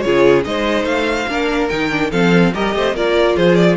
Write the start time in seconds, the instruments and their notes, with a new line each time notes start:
0.00 cello C#3, viola F4, violin G#4 C#5
0.43 cello G#3, viola D#4, violin C5 D#5
0.83 cello A3, violin F5
1.28 cello A#3, viola D4, violin A#4
1.68 cello D#3, viola D#4, violin G5
1.90 viola D4
2.10 cello F3, viola C4, violin A4 F5
2.53 cello G3, viola G4, violin A#4 D#5
2.74 cello A3, violin C5
2.92 cello A#3, viola F4, violin A#4 D5
3.36 cello F3, violin G#4 C5
3.55 violin D5